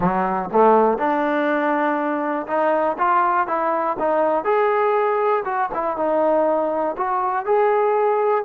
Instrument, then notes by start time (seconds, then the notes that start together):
trombone
0.00 F#3
0.51 A3
0.98 D4
2.47 D#4
2.98 F4
3.47 E4
3.99 D#4
4.44 G#4
5.44 F#4
5.73 E4
5.97 D#4
6.97 F#4
7.45 G#4